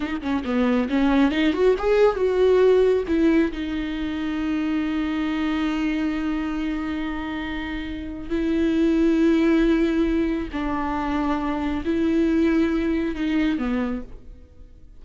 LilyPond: \new Staff \with { instrumentName = "viola" } { \time 4/4 \tempo 4 = 137 dis'8 cis'8 b4 cis'4 dis'8 fis'8 | gis'4 fis'2 e'4 | dis'1~ | dis'1~ |
dis'2. e'4~ | e'1 | d'2. e'4~ | e'2 dis'4 b4 | }